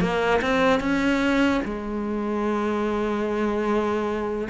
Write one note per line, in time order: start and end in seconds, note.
0.00 0.41 A#3
0.42 0.80 C4
0.80 1.61 C#4
1.65 4.49 G#3